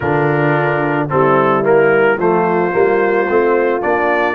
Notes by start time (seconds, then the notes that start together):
0.00 D3 D4 F4 A#4
1.09 G3 C4 E4 A4
1.63 A#3 A#4
2.17 F3 A3 F4 C5
2.71 G3 A#3
3.28 A3 C4
3.81 A#3 D4 D5